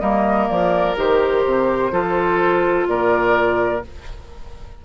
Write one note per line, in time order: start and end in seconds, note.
0.00 0.49 G3
0.00 0.95 A#3
0.00 1.92 A#4
0.00 0.48 D#5
0.48 0.97 F3
0.48 0.96 D5
0.97 1.44 D#3
0.97 1.91 G4
0.97 2.88 C5
1.45 1.92 C3
1.91 2.87 F3
1.91 3.82 F4
1.91 2.87 A4
2.87 3.83 A#2
2.87 3.85 A#4
2.87 3.84 D5